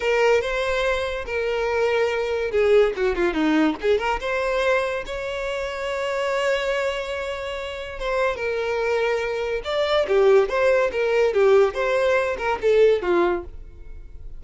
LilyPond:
\new Staff \with { instrumentName = "violin" } { \time 4/4 \tempo 4 = 143 ais'4 c''2 ais'4~ | ais'2 gis'4 fis'8 f'8 | dis'4 gis'8 ais'8 c''2 | cis''1~ |
cis''2. c''4 | ais'2. d''4 | g'4 c''4 ais'4 g'4 | c''4. ais'8 a'4 f'4 | }